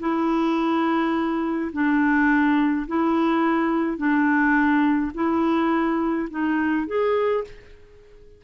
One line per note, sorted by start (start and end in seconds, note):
0.00 1.71 E4
1.72 2.87 D4
2.87 3.98 E4
3.98 5.12 D4
5.14 6.29 E4
6.30 6.87 D#4
6.87 7.44 G#4